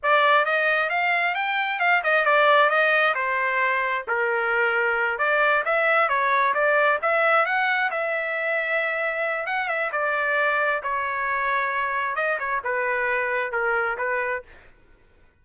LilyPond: \new Staff \with { instrumentName = "trumpet" } { \time 4/4 \tempo 4 = 133 d''4 dis''4 f''4 g''4 | f''8 dis''8 d''4 dis''4 c''4~ | c''4 ais'2~ ais'8 d''8~ | d''8 e''4 cis''4 d''4 e''8~ |
e''8 fis''4 e''2~ e''8~ | e''4 fis''8 e''8 d''2 | cis''2. dis''8 cis''8 | b'2 ais'4 b'4 | }